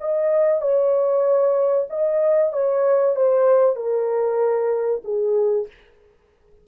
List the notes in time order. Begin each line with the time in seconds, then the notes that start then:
0.00 D#5
0.61 C#5
1.89 D#5
2.52 C#5
3.15 C5
3.76 A#4
5.04 G#4